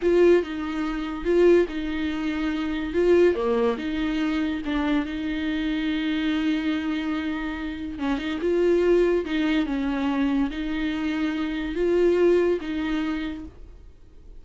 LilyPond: \new Staff \with { instrumentName = "viola" } { \time 4/4 \tempo 4 = 143 f'4 dis'2 f'4 | dis'2. f'4 | ais4 dis'2 d'4 | dis'1~ |
dis'2. cis'8 dis'8 | f'2 dis'4 cis'4~ | cis'4 dis'2. | f'2 dis'2 | }